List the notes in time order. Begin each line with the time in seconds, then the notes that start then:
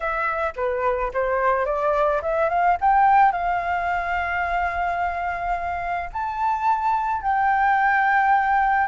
0.00 E5
0.56 B4
1.13 C5
1.65 D5
2.22 E5
2.49 F5
2.81 G5
3.32 F5
6.12 A5
7.22 G5